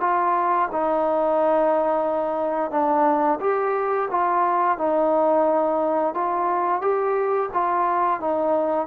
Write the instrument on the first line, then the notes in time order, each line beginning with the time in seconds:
trombone
0.00 F4
0.72 D#4
2.71 D4
3.40 G4
4.11 F4
4.78 D#4
6.14 F4
6.81 G4
7.53 F4
8.20 D#4